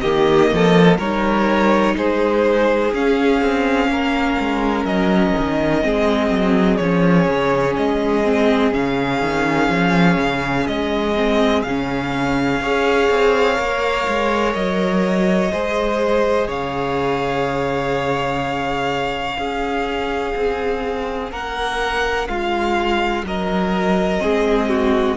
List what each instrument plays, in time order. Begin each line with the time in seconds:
0.00 cello D#3, viola A#3, violin G4 D#5
0.52 cello F3, violin A4
0.98 cello G3, viola D#4, violin A#4 C#5
1.96 cello G#3, violin G#4 C5
2.93 cello C#4, viola C#4, violin F5
3.41 cello C4
3.89 cello A#3, violin A#4
4.40 cello G#3
4.85 cello F#3, violin D#5
5.38 cello D#3
5.82 cello G#3, viola C4, violin G#4
6.30 cello F#3
6.77 cello F3, viola C#4, violin C#5
7.28 cello C#3
7.77 cello G#3, violin D#5
8.24 viola C4
8.72 cello C#3, viola C#4, violin F5
9.21 cello D#3
9.69 cello F3
10.18 cello C#3
10.67 cello G#3, violin D#5
11.16 viola C4
11.63 cello C#3, viola C#4, violin F5
12.61 cello C#4, viola G#4, violin C#5
13.10 cello C4
13.55 cello A#3, viola A#4
14.08 cello G#3
14.54 cello F#3, violin D#5
15.53 cello G#3, viola G#4, violin C5
16.48 cello C#3, violin C#5 F5
19.36 viola C#4, cello C#4, violin G#4
20.36 cello C4
21.32 cello A#3, violin A#4 F#5
22.28 cello G#3, violin F4 F5
23.23 cello F#3, violin A#4 D#5
24.18 cello G#3, viola C4, violin G#4
24.69 violin F#4